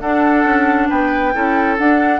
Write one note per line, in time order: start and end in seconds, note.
0.00 0.44 D4
0.00 1.33 D4
0.00 0.88 A4
0.00 0.88 F#5
0.44 0.88 C#4
0.88 1.34 B3
0.88 1.32 B4
0.88 1.77 G5
1.33 1.78 C#4
1.33 1.77 E4
1.33 2.20 A4
1.78 2.20 D4
1.78 2.20 F#5